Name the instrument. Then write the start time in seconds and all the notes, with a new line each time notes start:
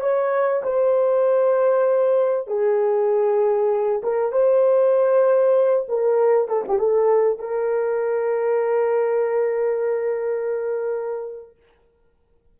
horn
0.00 C#5
0.63 C5
2.47 G#4
4.03 A#4
4.32 C5
5.88 A#4
6.48 A4
6.68 G4
6.78 A4
7.39 A#4